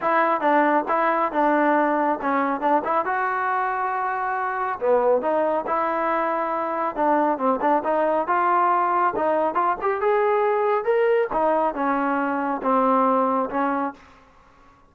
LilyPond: \new Staff \with { instrumentName = "trombone" } { \time 4/4 \tempo 4 = 138 e'4 d'4 e'4 d'4~ | d'4 cis'4 d'8 e'8 fis'4~ | fis'2. b4 | dis'4 e'2. |
d'4 c'8 d'8 dis'4 f'4~ | f'4 dis'4 f'8 g'8 gis'4~ | gis'4 ais'4 dis'4 cis'4~ | cis'4 c'2 cis'4 | }